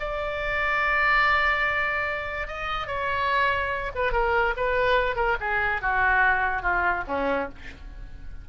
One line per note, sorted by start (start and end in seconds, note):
0.00 2.48 D5
2.48 2.87 D#5
2.87 3.91 C#5
3.95 4.13 B4
4.13 4.54 A#4
4.57 5.16 B4
5.16 5.37 A#4
5.41 5.81 G#4
5.81 6.62 F#4
6.62 7.04 F4
7.08 7.49 C#4